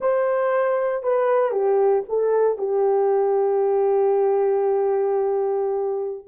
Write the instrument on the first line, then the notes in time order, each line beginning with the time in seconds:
horn
0.00 C5
1.02 B4
1.51 G4
2.08 A4
2.58 G4